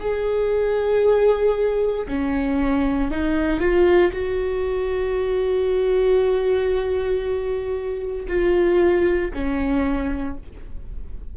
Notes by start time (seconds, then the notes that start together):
0.00 G#4
2.07 C#4
3.10 D#4
3.60 F4
4.12 F#4
8.28 F4
9.33 C#4